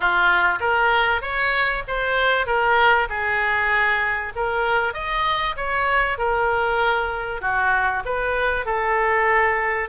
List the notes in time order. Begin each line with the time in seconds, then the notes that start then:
0.00 F4
0.60 A#4
1.21 C#5
1.87 C5
2.46 A#4
3.09 G#4
4.35 A#4
4.93 D#5
5.56 C#5
6.17 A#4
7.41 F#4
8.05 B4
8.65 A4